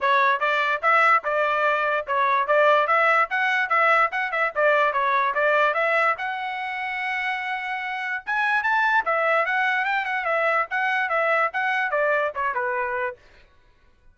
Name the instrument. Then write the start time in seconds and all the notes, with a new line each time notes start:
trumpet
0.00 C#5
0.40 D5
0.82 E5
1.24 D5
2.07 C#5
2.47 D5
2.87 E5
3.30 F#5
3.69 E5
4.11 F#5
4.31 E5
4.55 D5
4.92 C#5
5.34 D5
5.74 E5
6.18 F#5
8.26 G#5
8.63 A5
9.05 E5
9.45 F#5
9.84 G5
10.05 F#5
10.24 E5
10.70 F#5
11.09 E5
11.53 F#5
11.90 D5
12.35 C#5
12.54 B4